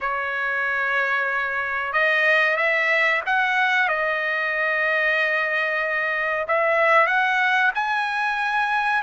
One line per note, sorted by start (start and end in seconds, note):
0.01 1.92 C#5
1.92 2.56 D#5
2.56 3.21 E5
3.26 3.88 F#5
3.88 6.46 D#5
6.47 7.06 E5
7.06 7.71 F#5
7.74 9.02 G#5